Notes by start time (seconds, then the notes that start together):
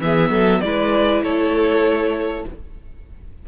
0.00 E3 B3 G#4 E5
0.30 F#3 A4
0.61 G#3 E4 B4 D5
1.22 A3 A4 C#5